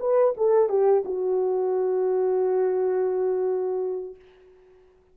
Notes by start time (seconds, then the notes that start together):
0.00 B4
0.37 A4
0.69 G4
1.05 F#4